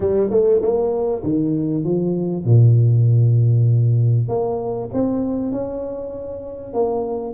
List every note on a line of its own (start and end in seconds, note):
0.00 0.29 G3
0.29 0.60 A3
0.61 1.22 A#3
1.23 1.84 D#3
1.84 2.44 F3
2.44 4.28 A#2
4.28 4.89 A#3
4.93 5.52 C4
5.52 6.73 C#4
6.73 7.34 A#3